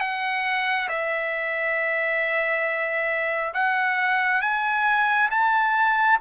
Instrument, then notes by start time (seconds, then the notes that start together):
trumpet
0.00 F#5
0.88 E5
3.54 F#5
4.41 G#5
5.31 A5